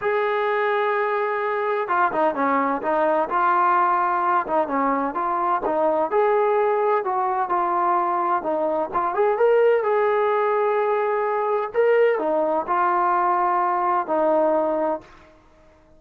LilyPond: \new Staff \with { instrumentName = "trombone" } { \time 4/4 \tempo 4 = 128 gis'1 | f'8 dis'8 cis'4 dis'4 f'4~ | f'4. dis'8 cis'4 f'4 | dis'4 gis'2 fis'4 |
f'2 dis'4 f'8 gis'8 | ais'4 gis'2.~ | gis'4 ais'4 dis'4 f'4~ | f'2 dis'2 | }